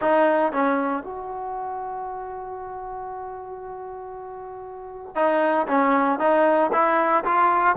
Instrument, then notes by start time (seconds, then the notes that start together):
trombone
0.01 D#4
0.52 C#4
1.03 F#4
5.15 D#4
5.67 C#4
6.19 D#4
6.72 E4
7.24 F4